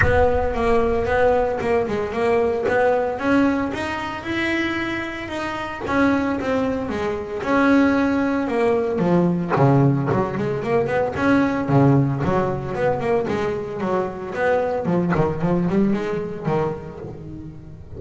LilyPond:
\new Staff \with { instrumentName = "double bass" } { \time 4/4 \tempo 4 = 113 b4 ais4 b4 ais8 gis8 | ais4 b4 cis'4 dis'4 | e'2 dis'4 cis'4 | c'4 gis4 cis'2 |
ais4 f4 cis4 fis8 gis8 | ais8 b8 cis'4 cis4 fis4 | b8 ais8 gis4 fis4 b4 | f8 dis8 f8 g8 gis4 dis4 | }